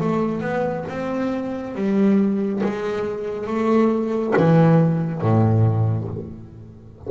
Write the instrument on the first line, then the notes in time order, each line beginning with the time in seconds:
double bass
0.00 A3
0.41 B3
0.89 C4
1.75 G3
2.63 G#3
3.47 A3
4.36 E3
5.21 A2